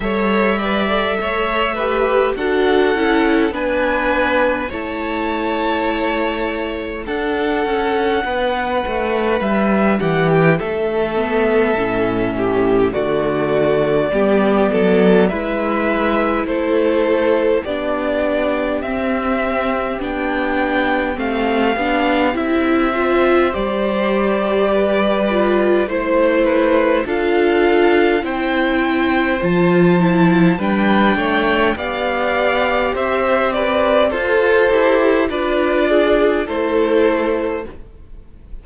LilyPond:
<<
  \new Staff \with { instrumentName = "violin" } { \time 4/4 \tempo 4 = 51 e''2 fis''4 gis''4 | a''2 fis''2 | e''8 fis''16 g''16 e''2 d''4~ | d''4 e''4 c''4 d''4 |
e''4 g''4 f''4 e''4 | d''2 c''4 f''4 | g''4 a''4 g''4 f''4 | e''8 d''8 c''4 d''4 c''4 | }
  \new Staff \with { instrumentName = "violin" } { \time 4/4 cis''8 d''8 cis''8 b'8 a'4 b'4 | cis''2 a'4 b'4~ | b'8 g'8 a'4. g'8 fis'4 | g'8 a'8 b'4 a'4 g'4~ |
g'2.~ g'8 c''8~ | c''4 b'4 c''8 b'8 a'4 | c''2 b'8 cis''8 d''4 | c''8 b'8 a'4 b'8 gis'8 a'4 | }
  \new Staff \with { instrumentName = "viola" } { \time 4/4 a'8 b'16 a'8. g'8 fis'8 e'8 d'4 | e'2 d'2~ | d'4. b8 cis'4 a4 | b4 e'2 d'4 |
c'4 d'4 c'8 d'8 e'8 f'8 | g'4. f'8 e'4 f'4 | e'4 f'8 e'8 d'4 g'4~ | g'4 a'8 g'8 f'4 e'4 | }
  \new Staff \with { instrumentName = "cello" } { \time 4/4 g4 a4 d'8 cis'8 b4 | a2 d'8 cis'8 b8 a8 | g8 e8 a4 a,4 d4 | g8 fis8 gis4 a4 b4 |
c'4 b4 a8 b8 c'4 | g2 a4 d'4 | c'4 f4 g8 a8 b4 | c'4 f'8 e'8 d'4 a4 | }
>>